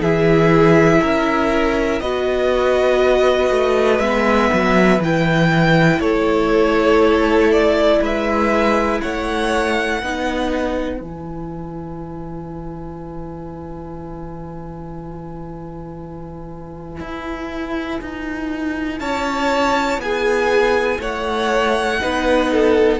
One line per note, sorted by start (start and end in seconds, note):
0.00 1.00 E3
0.00 2.02 E4
0.00 1.01 G#4
0.00 2.00 E5
1.01 2.00 C#4
1.01 2.01 A#4
2.00 3.50 B3
2.00 4.01 F#4
2.00 6.00 B4
2.00 3.99 D#5
3.50 3.99 A3
3.99 4.49 G#3
3.99 5.01 B3
3.99 4.99 E5
4.53 4.99 F#3
4.99 5.99 E3
4.99 10.02 E4
4.99 6.00 G5
5.99 7.99 A3
5.99 8.00 A4
5.99 7.50 C#5
7.51 8.01 D5
8.00 9.00 G#3
8.00 9.01 B4
8.00 9.00 E5
9.00 10.02 A3
9.00 9.99 C#5
9.00 11.00 F#5
9.99 11.00 B3
9.99 10.99 D#4
9.99 18.99 B4
10.99 17.00 E3
10.99 21.99 E4
10.99 18.99 G#5
17.00 18.00 E4
18.01 19.00 D#4
18.99 19.98 C#4
18.99 20.01 C#5
18.99 19.99 A5
19.98 20.98 B3
19.98 21.00 G#4
19.98 21.01 G#5
20.99 21.99 A3
20.99 22.00 C#5
20.99 22.99 F#5
22.00 22.99 B3
22.00 22.99 D#4
22.00 22.51 B4
22.51 22.99 A4